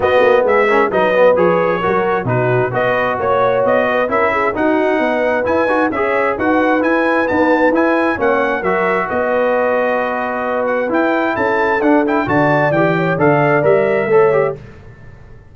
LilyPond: <<
  \new Staff \with { instrumentName = "trumpet" } { \time 4/4 \tempo 4 = 132 dis''4 e''4 dis''4 cis''4~ | cis''4 b'4 dis''4 cis''4 | dis''4 e''4 fis''2 | gis''4 e''4 fis''4 gis''4 |
a''4 gis''4 fis''4 e''4 | dis''2.~ dis''8 fis''8 | g''4 a''4 fis''8 g''8 a''4 | g''4 f''4 e''2 | }
  \new Staff \with { instrumentName = "horn" } { \time 4/4 fis'4 gis'8 ais'8 b'2 | ais'4 fis'4 b'4 cis''4~ | cis''8 b'8 ais'8 gis'8 fis'4 b'4~ | b'4 cis''4 b'2~ |
b'2 cis''4 ais'4 | b'1~ | b'4 a'2 d''4~ | d''8 cis''8 d''2 cis''4 | }
  \new Staff \with { instrumentName = "trombone" } { \time 4/4 b4. cis'8 dis'8 b8 gis'4 | fis'4 dis'4 fis'2~ | fis'4 e'4 dis'2 | e'8 fis'8 gis'4 fis'4 e'4 |
b4 e'4 cis'4 fis'4~ | fis'1 | e'2 d'8 e'8 fis'4 | g'4 a'4 ais'4 a'8 g'8 | }
  \new Staff \with { instrumentName = "tuba" } { \time 4/4 b8 ais8 gis4 fis4 f4 | fis4 b,4 b4 ais4 | b4 cis'4 dis'4 b4 | e'8 dis'8 cis'4 dis'4 e'4 |
dis'4 e'4 ais4 fis4 | b1 | e'4 cis'4 d'4 d4 | e4 d4 g4 a4 | }
>>